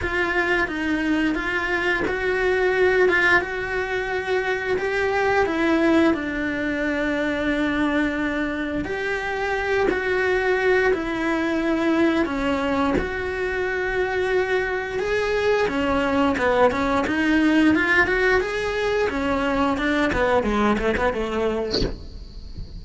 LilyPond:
\new Staff \with { instrumentName = "cello" } { \time 4/4 \tempo 4 = 88 f'4 dis'4 f'4 fis'4~ | fis'8 f'8 fis'2 g'4 | e'4 d'2.~ | d'4 g'4. fis'4. |
e'2 cis'4 fis'4~ | fis'2 gis'4 cis'4 | b8 cis'8 dis'4 f'8 fis'8 gis'4 | cis'4 d'8 b8 gis8 a16 b16 a4 | }